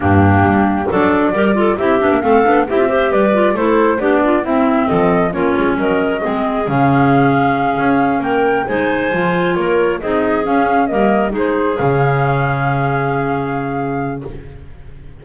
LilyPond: <<
  \new Staff \with { instrumentName = "flute" } { \time 4/4 \tempo 4 = 135 g'2 d''2 | e''4 f''4 e''4 d''4 | c''4 d''4 e''4 dis''4 | cis''4 dis''2 f''4~ |
f''2~ f''8 g''4 gis''8~ | gis''4. cis''4 dis''4 f''8~ | f''8 dis''4 c''4 f''4.~ | f''1 | }
  \new Staff \with { instrumentName = "clarinet" } { \time 4/4 d'2 a'4 ais'8 a'8 | g'4 a'4 g'8 c''8 b'4 | a'4 g'8 f'8 e'4 a'4 | f'4 ais'4 gis'2~ |
gis'2~ gis'8 ais'4 c''8~ | c''4. ais'4 gis'4.~ | gis'8 ais'4 gis'2~ gis'8~ | gis'1 | }
  \new Staff \with { instrumentName = "clarinet" } { \time 4/4 ais2 d'4 g'8 f'8 | e'8 d'8 c'8 d'8 e'16 f'16 g'4 f'8 | e'4 d'4 c'2 | cis'2 c'4 cis'4~ |
cis'2.~ cis'8 dis'8~ | dis'8 f'2 dis'4 cis'8~ | cis'8 ais4 dis'4 cis'4.~ | cis'1 | }
  \new Staff \with { instrumentName = "double bass" } { \time 4/4 g,4 g4 fis4 g4 | c'8 b16 ais16 a8 b8 c'4 g4 | a4 b4 c'4 f4 | ais8 gis8 fis4 gis4 cis4~ |
cis4. cis'4 ais4 gis8~ | gis8 f4 ais4 c'4 cis'8~ | cis'8 g4 gis4 cis4.~ | cis1 | }
>>